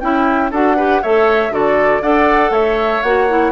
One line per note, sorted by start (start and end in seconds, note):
0.00 0.51 C#4
0.00 0.51 E4
0.00 0.50 G5
0.51 1.02 D4
0.51 0.77 F#4
0.51 0.76 A4
0.51 1.03 F#5
0.76 1.02 G4
0.76 1.01 B4
1.02 1.50 A3
1.02 1.51 A4
1.02 1.53 C#5
1.02 1.53 E5
1.50 2.00 D3
1.50 2.01 F#4
1.50 2.02 A4
1.50 2.03 D5
2.02 2.50 D4
2.02 3.03 A4
2.02 2.51 D5
2.02 2.53 F#5
2.50 3.01 A3
2.50 3.51 C#5
2.50 3.02 E5
3.02 3.51 A#3
3.02 3.28 F#4
3.02 3.51 F#5
3.28 3.51 E4